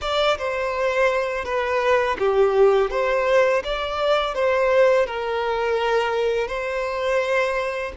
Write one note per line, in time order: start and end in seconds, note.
0.01 0.37 D5
0.38 1.44 C5
1.44 2.17 B4
2.19 2.90 G4
2.90 3.62 C5
3.63 4.34 D5
4.34 5.06 C5
5.06 6.47 A#4
6.47 7.92 C5